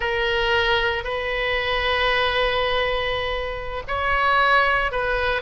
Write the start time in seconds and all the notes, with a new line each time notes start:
0.00 A#4
1.04 B4
3.87 C#5
4.91 B4